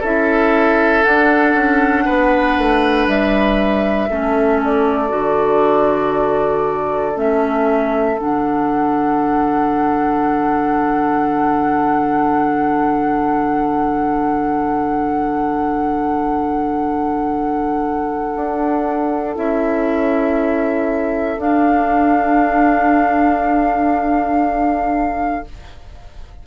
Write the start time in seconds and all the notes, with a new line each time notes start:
0.00 C#4 E4 A4 E5
1.03 D4 F#5
1.54 C#4
2.05 B3 B4
2.58 A3
3.07 G3 E5
4.09 A3 C#4 A4
4.64 D5
5.08 D3 F#4
7.15 A3 C#4 E5
8.17 D3 D4 F#5
18.35 D4
19.35 C#4 E4 E5
21.37 D4 F5